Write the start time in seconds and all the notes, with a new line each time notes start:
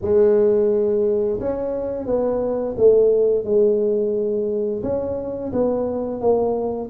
0.01 G#3
1.39 C#4
2.06 B3
2.77 A3
3.44 G#3
4.82 C#4
5.52 B3
6.20 A#3